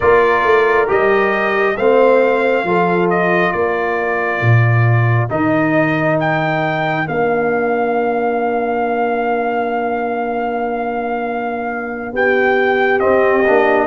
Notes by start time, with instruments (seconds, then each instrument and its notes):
0.00 tuba A#3, trombone F4, horn A#4, trumpet D5
0.44 tuba A3
0.87 tuba G3, trombone G4, trumpet D#5
1.76 tuba A3, trombone C4, horn C5, trumpet F5
2.63 tuba F3, trombone F4, horn A4
3.10 trumpet D#5
3.52 tuba A#3, horn A#4, trumpet D5
4.41 tuba A#2
5.29 tuba D#3, trombone D#4, trumpet D#5
6.19 trumpet G5
7.05 tuba A#3, trombone D4, trumpet F5
12.12 tuba B3, horn G4, trumpet G5
12.99 trombone C4, tuba C4, trumpet D#5
13.47 tuba A#3, trombone D4